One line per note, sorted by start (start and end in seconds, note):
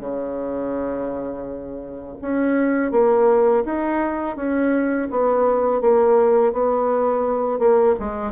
0.00 2.17 C#3
2.21 2.92 C#4
2.92 3.64 A#3
3.65 4.36 D#4
4.36 5.08 C#4
5.10 5.81 B3
5.81 6.53 A#3
6.53 7.59 B3
7.59 7.95 A#3
7.99 8.32 G#3